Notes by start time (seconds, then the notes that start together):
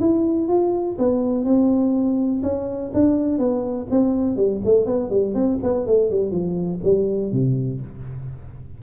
0.00 E4
0.48 F4
0.98 B3
1.45 C4
2.43 C#4
2.94 D4
3.38 B3
3.90 C4
4.37 G3
4.65 A3
4.86 B3
5.10 G3
5.35 C4
5.63 B3
5.86 A3
6.10 G3
6.31 F3
6.84 G3
7.32 C3